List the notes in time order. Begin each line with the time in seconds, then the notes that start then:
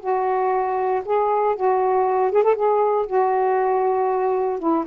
0.00 F#4
1.04 G#4
1.55 F#4
2.31 G#4
2.43 A4
2.55 G#4
3.06 F#4
4.59 E4